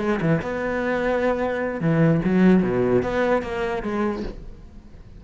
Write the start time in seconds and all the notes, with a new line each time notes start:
0.00 G#3
0.21 E3
0.42 B3
1.81 E3
2.25 F#3
2.64 B2
3.03 B3
3.43 A#3
3.83 G#3